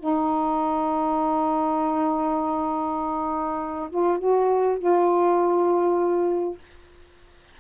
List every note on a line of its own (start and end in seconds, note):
0.00 3.90 D#4
3.91 4.19 F4
4.19 4.79 F#4
4.79 6.59 F4